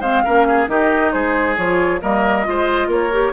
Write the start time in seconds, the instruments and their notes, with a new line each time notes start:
0.00 bassoon G#3, clarinet C4, oboe C5, flute F5
0.24 bassoon A#3, clarinet C#4, oboe A#4
0.47 oboe G#4
0.67 bassoon D#3, clarinet D#4, oboe G4, flute D#5
1.12 bassoon G#3, oboe G#4, flute C5
1.56 bassoon F3, clarinet F4, flute C#5
2.00 bassoon G3, clarinet A#3, oboe A#4, flute D#5
2.44 bassoon G#3, clarinet F4, oboe C5
2.87 bassoon A#3, oboe A#4, flute C#5
3.11 clarinet G4